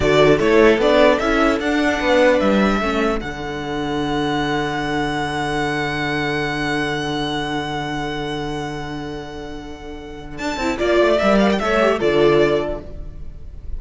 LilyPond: <<
  \new Staff \with { instrumentName = "violin" } { \time 4/4 \tempo 4 = 150 d''4 cis''4 d''4 e''4 | fis''2 e''2 | fis''1~ | fis''1~ |
fis''1~ | fis''1~ | fis''2 a''4 d''4 | e''8 f''16 g''16 e''4 d''2 | }
  \new Staff \with { instrumentName = "violin" } { \time 4/4 a'1~ | a'4 b'2 a'4~ | a'1~ | a'1~ |
a'1~ | a'1~ | a'2. d''4~ | d''4 cis''4 a'2 | }
  \new Staff \with { instrumentName = "viola" } { \time 4/4 fis'4 e'4 d'4 e'4 | d'2. cis'4 | d'1~ | d'1~ |
d'1~ | d'1~ | d'2~ d'8 e'8 f'4 | ais'4 a'8 g'8 f'2 | }
  \new Staff \with { instrumentName = "cello" } { \time 4/4 d4 a4 b4 cis'4 | d'4 b4 g4 a4 | d1~ | d1~ |
d1~ | d1~ | d2 d'8 c'8 ais8 a8 | g4 a4 d2 | }
>>